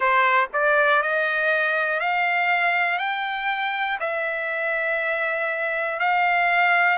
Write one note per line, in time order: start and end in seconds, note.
0.00 0.47 C5
0.53 1.02 D5
1.02 2.00 D#5
2.00 2.98 F5
2.98 3.98 G5
4.00 5.99 E5
5.99 6.97 F5